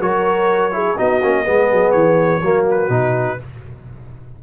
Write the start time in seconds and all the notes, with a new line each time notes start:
0.00 F#3 F#4 A#4 C#5
0.72 E4 G#4
0.97 B3 D#4 F#4 D#5
1.23 A#3 C#4
1.45 G#3 B3 G#4
1.72 F#3
1.92 E3 C#5
2.42 F#3 A#3 F#4
2.71 B4
2.90 B2 D#4